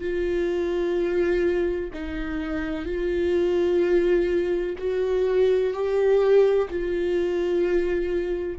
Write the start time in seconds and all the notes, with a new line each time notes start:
0.00 F4
1.94 D#4
2.85 F4
4.78 F#4
5.73 G4
6.70 F4